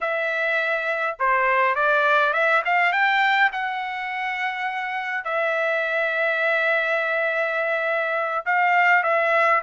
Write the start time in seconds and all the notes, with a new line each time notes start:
0.00 E5
1.19 C5
1.75 D5
2.33 E5
2.65 F5
2.92 G5
3.52 F#5
5.24 E5
8.45 F5
9.03 E5